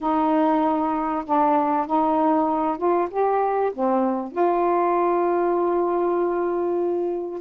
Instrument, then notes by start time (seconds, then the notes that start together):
saxophone
0.00 D#4
1.25 D4
1.87 D#4
2.77 F4
3.10 G4
3.73 C4
4.32 F4